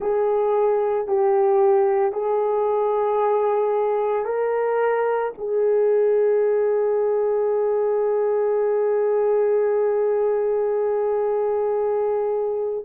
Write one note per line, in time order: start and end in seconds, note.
0.00 1.07 G#4
1.07 2.12 G4
2.12 4.25 G#4
4.25 5.32 A#4
5.37 12.85 G#4